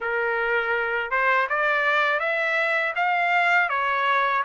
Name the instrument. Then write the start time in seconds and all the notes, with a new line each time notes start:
trumpet
0.00 A#4
1.10 C5
1.48 D5
2.19 E5
2.95 F5
3.69 C#5